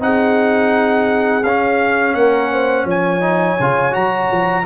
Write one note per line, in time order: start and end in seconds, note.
0.00 1.43 C4
0.00 1.43 D#4
0.00 2.18 G#4
0.00 1.44 F#5
1.43 2.14 C#4
1.43 3.21 C#4
1.43 2.14 F5
2.14 2.85 A#3
2.14 2.52 A#4
2.14 2.86 F#5
2.52 2.85 C5
2.85 3.56 F3
2.85 4.64 C#5
2.85 3.95 G#5
3.21 3.57 D#4
3.60 3.95 C#3
3.60 3.92 F4
3.92 4.31 F#3
3.92 4.63 F#4
3.92 4.66 A#5
4.31 4.66 F3